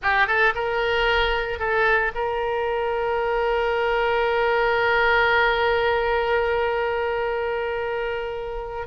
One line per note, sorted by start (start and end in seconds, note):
0.02 0.27 G4
0.27 0.53 A4
0.54 1.59 A#4
1.59 2.12 A4
2.14 8.87 A#4